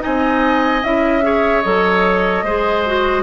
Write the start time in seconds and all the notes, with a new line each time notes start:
0.00 C4 D#4 D#5 G#5
0.83 C#4 E4 E5
1.22 G#4 C#5
1.62 F#3 A4 D#5
2.43 G#3 G#4 C5
2.86 F#4